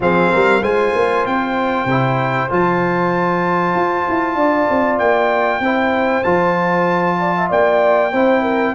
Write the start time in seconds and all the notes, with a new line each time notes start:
0.00 F3 C4 G#4 F5
0.32 G3 A#4
0.61 G#3 F4 C5 G#5
0.94 A#3
1.25 C4 G5
1.85 C3 E4
2.49 F3 F4 A5
3.75 F4
4.08 E4
4.35 D4 D5
4.70 C4
4.99 A#3 G5
5.60 C4 E4 C5
6.23 F3 F4 A5
7.19 D5
7.37 E5
7.49 A#3 D5 G5
8.12 C4 E4 C5
8.42 A#4